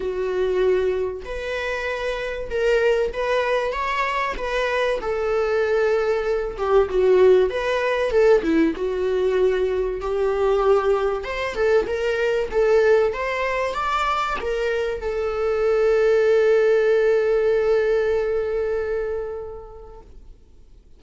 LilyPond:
\new Staff \with { instrumentName = "viola" } { \time 4/4 \tempo 4 = 96 fis'2 b'2 | ais'4 b'4 cis''4 b'4 | a'2~ a'8 g'8 fis'4 | b'4 a'8 e'8 fis'2 |
g'2 c''8 a'8 ais'4 | a'4 c''4 d''4 ais'4 | a'1~ | a'1 | }